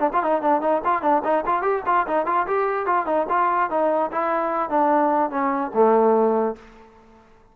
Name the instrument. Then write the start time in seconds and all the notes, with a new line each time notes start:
trombone
0.00 D4
0.13 F4
0.24 D#4
0.42 D4
0.62 D#4
0.85 F4
1.02 D4
1.24 D#4
1.47 F4
1.63 G4
1.86 F4
2.07 D#4
2.26 F4
2.47 G4
2.86 F4
3.06 D#4
3.30 F4
3.70 D#4
4.12 E4
4.70 D4
5.31 C#4
5.74 A3